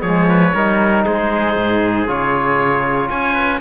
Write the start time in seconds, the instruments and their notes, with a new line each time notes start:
0.00 cello F3, trumpet G#4, oboe C#5
0.07 trombone G#3
0.29 trumpet B4
0.54 cello G3, trombone D#4, trumpet A#4
1.05 cello G#3, trumpet G#4, oboe C5
1.56 cello G#2
2.07 cello C#3, trombone F4, oboe C#5
3.09 cello C#4, trumpet C#5, oboe G#5
3.34 trumpet B4